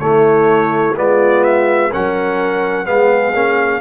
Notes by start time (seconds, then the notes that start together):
0.00 A3 E4 C#5
0.96 G#3 B3 F4 D5
1.44 E5
1.91 F#3 C#4 A#4 F#5
2.86 G#3 B3 G#4 F5
3.34 A#3 C#4